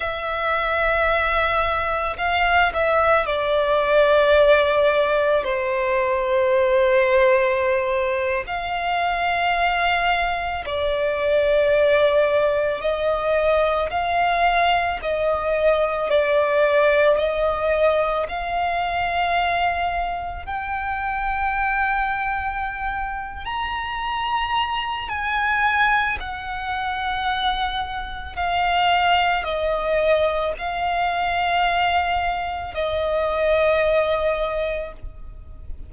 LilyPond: \new Staff \with { instrumentName = "violin" } { \time 4/4 \tempo 4 = 55 e''2 f''8 e''8 d''4~ | d''4 c''2~ c''8. f''16~ | f''4.~ f''16 d''2 dis''16~ | dis''8. f''4 dis''4 d''4 dis''16~ |
dis''8. f''2 g''4~ g''16~ | g''4. ais''4. gis''4 | fis''2 f''4 dis''4 | f''2 dis''2 | }